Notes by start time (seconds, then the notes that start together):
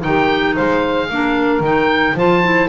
0.00 D#3 D#4 G4 G5
0.55 G#3 C5 F5
1.10 A#3 D4 A#4
1.60 D#3 D#4 G5
2.14 F3 F4 C5 A5
2.43 E4